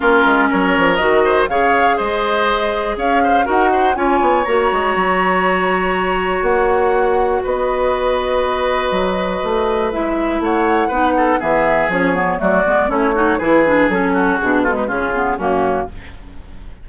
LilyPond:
<<
  \new Staff \with { instrumentName = "flute" } { \time 4/4 \tempo 4 = 121 ais'4 cis''4 dis''4 f''4 | dis''2 f''4 fis''4 | gis''4 ais''2.~ | ais''4 fis''2 dis''4~ |
dis''1 | e''4 fis''2 e''4 | cis''4 d''4 cis''4 b'4 | a'4 gis'8 a'16 b'16 gis'4 fis'4 | }
  \new Staff \with { instrumentName = "oboe" } { \time 4/4 f'4 ais'4. c''8 cis''4 | c''2 cis''8 c''8 ais'8 c''8 | cis''1~ | cis''2. b'4~ |
b'1~ | b'4 cis''4 b'8 a'8 gis'4~ | gis'4 fis'4 e'8 fis'8 gis'4~ | gis'8 fis'4 f'16 dis'16 f'4 cis'4 | }
  \new Staff \with { instrumentName = "clarinet" } { \time 4/4 cis'2 fis'4 gis'4~ | gis'2. fis'4 | f'4 fis'2.~ | fis'1~ |
fis'1 | e'2 dis'4 b4 | cis'8 b8 a8 b8 cis'8 dis'8 e'8 d'8 | cis'4 d'8 gis8 cis'8 b8 ais4 | }
  \new Staff \with { instrumentName = "bassoon" } { \time 4/4 ais8 gis8 fis8 f8 dis4 cis4 | gis2 cis'4 dis'4 | cis'8 b8 ais8 gis8 fis2~ | fis4 ais2 b4~ |
b2 fis4 a4 | gis4 a4 b4 e4 | f4 fis8 gis8 a4 e4 | fis4 b,4 cis4 fis,4 | }
>>